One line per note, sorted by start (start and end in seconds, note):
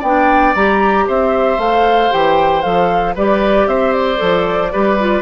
0.00 0.55 B3
0.00 0.56 D4
0.00 1.04 D5
0.00 0.55 G5
0.55 1.07 G3
0.55 1.60 G4
0.55 1.08 A#5
1.08 1.58 C4
1.08 3.15 C5
1.08 1.60 E5
1.58 2.10 A3
1.58 2.11 A4
1.58 2.12 F5
2.11 2.65 E3
2.11 2.63 G4
2.11 2.62 G5
2.62 3.16 F3
2.62 3.15 A4
2.62 3.14 F5
3.15 3.67 G3
3.15 4.17 G4
3.15 3.67 B4
3.15 3.68 D5
3.67 4.19 C4
3.67 4.73 C5
3.67 3.93 E5
3.93 5.22 D5
4.17 4.74 F3
4.17 4.69 A4
4.73 5.22 G3
4.73 4.99 G4
4.73 5.22 B4
5.00 5.22 F4